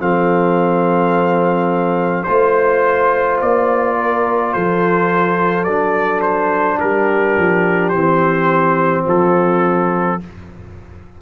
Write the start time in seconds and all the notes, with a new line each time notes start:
0.00 F3 C4 A4 F5
2.24 A3 F4 C5
3.42 A#3 D5
3.98 A#4
4.53 F3 A4 C5
5.64 F#3 D4 D5
6.22 C5
6.78 G3 G4 A#4
7.38 F3
7.90 E3 C4 C5
9.05 F3 F4 A4